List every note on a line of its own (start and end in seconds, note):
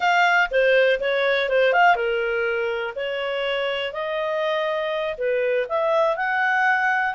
0.00 0.49 F5
0.50 0.99 C5
1.00 1.49 C#5
1.49 1.72 C5
1.72 1.95 F5
1.95 2.94 A#4
2.95 3.92 C#5
3.92 5.15 D#5
5.17 5.66 B4
5.68 6.16 E5
6.16 7.14 F#5